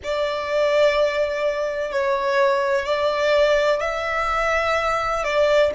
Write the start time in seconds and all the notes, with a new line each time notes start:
0.03 D5
1.91 C#5
2.85 D5
3.81 E5
5.23 D5